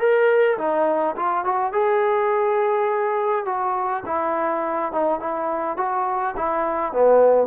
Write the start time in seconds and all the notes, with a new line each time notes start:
0.00 A#4
0.58 D#4
1.17 F4
1.45 F#4
1.73 G#4
3.46 F#4
4.06 E4
4.92 D#4
5.20 E4
5.78 F#4
6.37 E4
6.93 B3